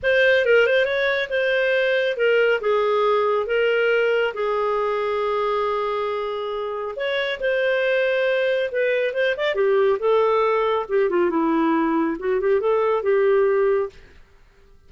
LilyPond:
\new Staff \with { instrumentName = "clarinet" } { \time 4/4 \tempo 4 = 138 c''4 ais'8 c''8 cis''4 c''4~ | c''4 ais'4 gis'2 | ais'2 gis'2~ | gis'1 |
cis''4 c''2. | b'4 c''8 d''8 g'4 a'4~ | a'4 g'8 f'8 e'2 | fis'8 g'8 a'4 g'2 | }